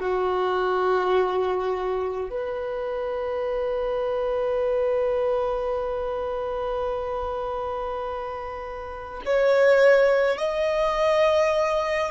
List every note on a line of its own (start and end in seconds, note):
0.00 2.30 F#4
2.30 9.23 B4
9.26 10.38 C#5
10.38 12.11 D#5